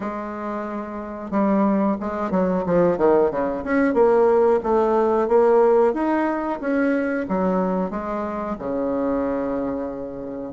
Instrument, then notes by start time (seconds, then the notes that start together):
bassoon
0.00 G#3
1.30 G3
2.00 G#3
2.30 F#3
2.66 F3
2.97 D#3
3.30 C#3
3.64 C#4
3.94 A#3
4.63 A3
5.27 A#3
5.93 D#4
6.60 C#4
7.28 F#3
7.90 G#3
8.59 C#3